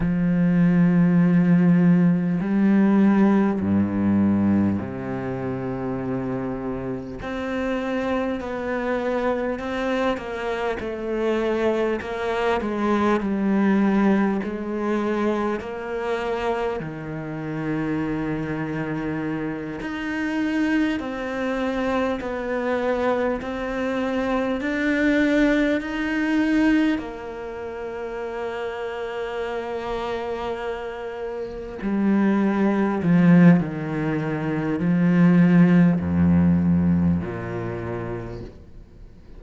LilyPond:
\new Staff \with { instrumentName = "cello" } { \time 4/4 \tempo 4 = 50 f2 g4 g,4 | c2 c'4 b4 | c'8 ais8 a4 ais8 gis8 g4 | gis4 ais4 dis2~ |
dis8 dis'4 c'4 b4 c'8~ | c'8 d'4 dis'4 ais4.~ | ais2~ ais8 g4 f8 | dis4 f4 f,4 ais,4 | }